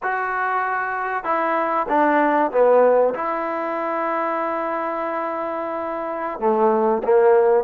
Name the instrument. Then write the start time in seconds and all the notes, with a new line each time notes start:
trombone
0.03 F#4
1.24 E4
1.88 D4
2.51 B3
3.14 E4
6.39 A3
7.03 A#3